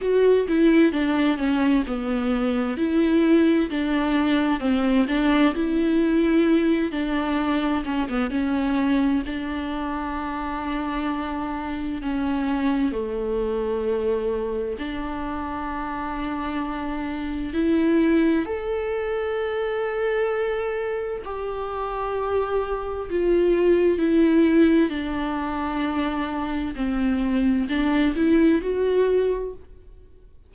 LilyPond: \new Staff \with { instrumentName = "viola" } { \time 4/4 \tempo 4 = 65 fis'8 e'8 d'8 cis'8 b4 e'4 | d'4 c'8 d'8 e'4. d'8~ | d'8 cis'16 b16 cis'4 d'2~ | d'4 cis'4 a2 |
d'2. e'4 | a'2. g'4~ | g'4 f'4 e'4 d'4~ | d'4 c'4 d'8 e'8 fis'4 | }